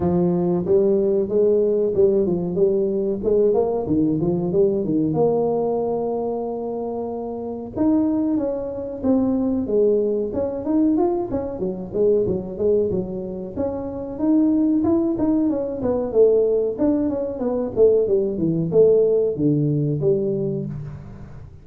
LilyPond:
\new Staff \with { instrumentName = "tuba" } { \time 4/4 \tempo 4 = 93 f4 g4 gis4 g8 f8 | g4 gis8 ais8 dis8 f8 g8 dis8 | ais1 | dis'4 cis'4 c'4 gis4 |
cis'8 dis'8 f'8 cis'8 fis8 gis8 fis8 gis8 | fis4 cis'4 dis'4 e'8 dis'8 | cis'8 b8 a4 d'8 cis'8 b8 a8 | g8 e8 a4 d4 g4 | }